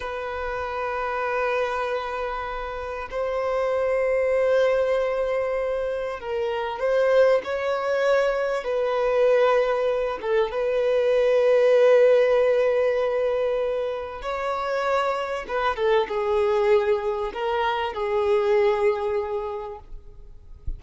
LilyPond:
\new Staff \with { instrumentName = "violin" } { \time 4/4 \tempo 4 = 97 b'1~ | b'4 c''2.~ | c''2 ais'4 c''4 | cis''2 b'2~ |
b'8 a'8 b'2.~ | b'2. cis''4~ | cis''4 b'8 a'8 gis'2 | ais'4 gis'2. | }